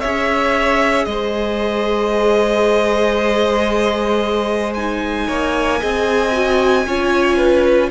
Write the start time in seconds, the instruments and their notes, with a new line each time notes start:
0.00 cello C#4, viola G#4, violin C#5 E5
1.05 cello G#3, violin C5 D#5
4.74 viola D#4, violin G#5
5.27 cello A#3, violin C#5
5.79 cello C4, viola G#4, violin D#5
6.32 viola F#4
6.86 cello C#4, viola F4, violin C#5
7.37 violin B4